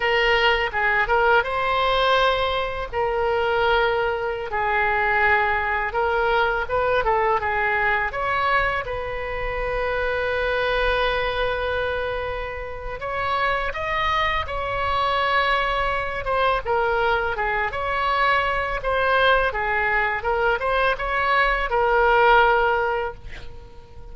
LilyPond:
\new Staff \with { instrumentName = "oboe" } { \time 4/4 \tempo 4 = 83 ais'4 gis'8 ais'8 c''2 | ais'2~ ais'16 gis'4.~ gis'16~ | gis'16 ais'4 b'8 a'8 gis'4 cis''8.~ | cis''16 b'2.~ b'8.~ |
b'2 cis''4 dis''4 | cis''2~ cis''8 c''8 ais'4 | gis'8 cis''4. c''4 gis'4 | ais'8 c''8 cis''4 ais'2 | }